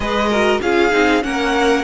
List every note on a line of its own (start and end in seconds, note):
0.00 0.59 G#3
0.00 0.29 G#4
0.00 0.29 B4
0.00 0.60 D#5
0.29 0.62 F#4
0.29 0.60 A#4
0.61 0.92 C#4
0.61 0.91 F4
0.61 1.23 G#4
0.61 1.23 F5
0.91 1.23 C4
0.91 1.22 D#4
1.22 1.84 A#3
1.22 1.84 C#4
1.22 1.84 A#4
1.22 1.84 F#5